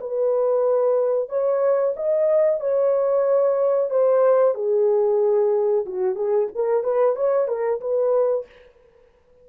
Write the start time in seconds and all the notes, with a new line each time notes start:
0.00 B4
1.29 C#5
1.96 D#5
2.60 C#5
3.90 C5
4.55 G#4
5.85 F#4
6.15 G#4
6.55 A#4
6.83 B4
7.16 C#5
7.48 A#4
7.81 B4